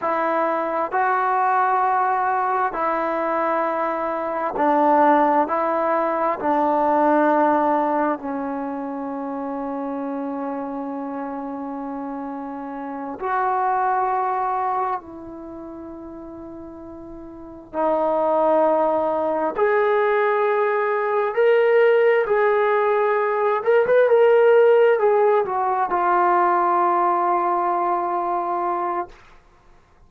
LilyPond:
\new Staff \with { instrumentName = "trombone" } { \time 4/4 \tempo 4 = 66 e'4 fis'2 e'4~ | e'4 d'4 e'4 d'4~ | d'4 cis'2.~ | cis'2~ cis'8 fis'4.~ |
fis'8 e'2. dis'8~ | dis'4. gis'2 ais'8~ | ais'8 gis'4. ais'16 b'16 ais'4 gis'8 | fis'8 f'2.~ f'8 | }